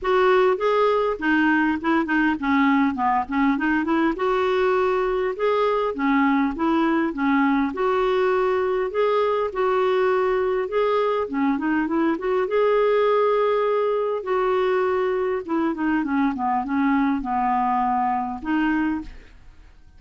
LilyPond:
\new Staff \with { instrumentName = "clarinet" } { \time 4/4 \tempo 4 = 101 fis'4 gis'4 dis'4 e'8 dis'8 | cis'4 b8 cis'8 dis'8 e'8 fis'4~ | fis'4 gis'4 cis'4 e'4 | cis'4 fis'2 gis'4 |
fis'2 gis'4 cis'8 dis'8 | e'8 fis'8 gis'2. | fis'2 e'8 dis'8 cis'8 b8 | cis'4 b2 dis'4 | }